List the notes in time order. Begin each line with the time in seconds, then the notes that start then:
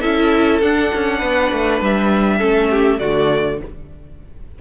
0.00 C#4 E4 A4 E5
0.61 D4 F#5
0.94 C#4
1.17 B3 B4
1.51 A3
1.81 G3 E5
2.38 A3 C#4 A4
2.70 G4
2.99 D3 A3 F#4 D5